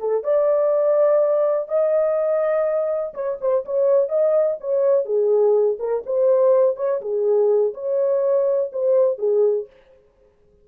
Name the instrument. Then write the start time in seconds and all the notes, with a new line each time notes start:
horn
0.00 A4
0.24 D5
1.69 D#5
3.15 C#5
3.41 C5
3.66 C#5
4.10 D#5
4.61 C#5
5.06 G#4
5.80 A#4
6.06 C5
6.77 C#5
7.02 G#4
7.75 C#5
8.73 C5
9.19 G#4